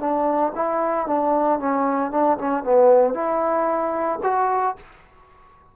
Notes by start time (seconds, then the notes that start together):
0.00 D4
0.56 E4
1.07 D4
1.59 C#4
2.11 D4
2.38 C#4
2.64 B3
3.14 E4
4.23 F#4